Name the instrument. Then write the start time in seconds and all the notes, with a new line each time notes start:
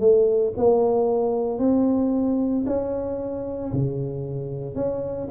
tuba
0.00 A3
0.57 A#3
1.59 C4
2.66 C#4
3.73 C#3
4.75 C#4